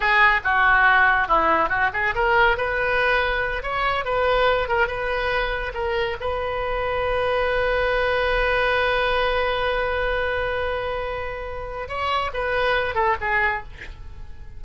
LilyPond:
\new Staff \with { instrumentName = "oboe" } { \time 4/4 \tempo 4 = 141 gis'4 fis'2 e'4 | fis'8 gis'8 ais'4 b'2~ | b'8 cis''4 b'4. ais'8 b'8~ | b'4. ais'4 b'4.~ |
b'1~ | b'1~ | b'1 | cis''4 b'4. a'8 gis'4 | }